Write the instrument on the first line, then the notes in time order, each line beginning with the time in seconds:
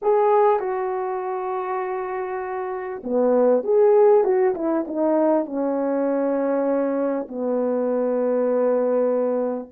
horn
0.02 G#4
0.59 F#4
3.03 B3
3.63 G#4
4.24 F#4
4.55 E4
4.87 D#4
5.45 C#4
7.28 B3